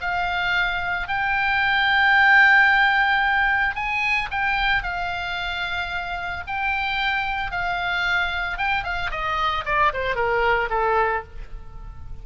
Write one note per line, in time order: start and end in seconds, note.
0.00 1.07 F5
1.07 3.75 G5
3.75 4.29 G#5
4.30 4.83 G5
4.83 6.43 F5
6.47 7.51 G5
7.51 8.57 F5
8.57 8.83 G5
8.83 9.10 F5
9.10 9.64 D#5
9.65 9.92 D5
9.93 10.15 C5
10.15 10.69 A#4
10.69 11.23 A4